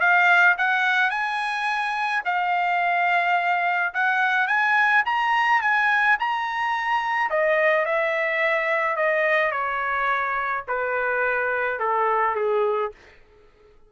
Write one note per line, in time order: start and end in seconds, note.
0.00 0.56 F5
0.58 1.10 F#5
1.10 2.22 G#5
2.25 3.93 F5
3.94 4.47 F#5
4.47 5.03 G#5
5.05 5.61 A#5
5.61 6.17 G#5
6.19 7.30 A#5
7.30 7.85 D#5
7.85 8.96 E5
8.96 9.51 D#5
9.51 10.64 C#5
10.68 11.79 B4
11.79 12.35 A4
12.35 12.91 G#4